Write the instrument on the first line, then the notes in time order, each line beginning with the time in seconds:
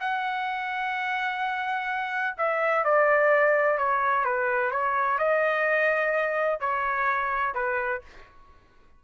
trumpet
0.00 F#5
2.38 E5
2.85 D5
3.78 C#5
4.25 B4
4.71 C#5
5.19 D#5
6.60 C#5
7.55 B4